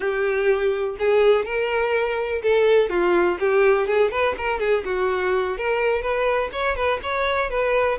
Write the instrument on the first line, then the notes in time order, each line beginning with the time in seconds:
violin
0.00 G4
0.98 G#4
1.45 A#4
2.42 A4
2.89 F4
3.39 G4
3.87 G#4
4.11 B4
4.37 A#4
4.59 G#4
4.85 F#4
5.57 A#4
6.01 B4
6.52 C#5
6.75 B4
7.02 C#5
7.50 B4